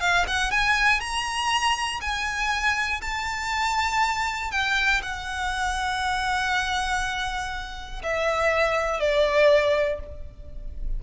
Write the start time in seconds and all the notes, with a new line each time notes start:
0.00 F5
0.27 F#5
0.51 G#5
1.00 A#5
2.01 G#5
3.01 A5
4.51 G5
5.02 F#5
8.03 E5
9.00 D5